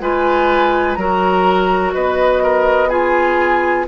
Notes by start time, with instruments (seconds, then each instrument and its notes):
0.00 bassoon G#3, clarinet F4, oboe B4, flute G#5
0.94 bassoon F#3, clarinet F#4, oboe A#4, flute A#5
1.93 bassoon B3, oboe B4, flute D#5
2.43 oboe A#4
2.89 clarinet F4, oboe G#4, flute G#5